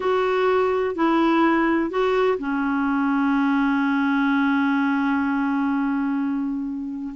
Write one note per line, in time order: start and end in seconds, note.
0.00 0.95 F#4
0.95 1.90 E4
1.90 2.38 F#4
2.38 7.14 C#4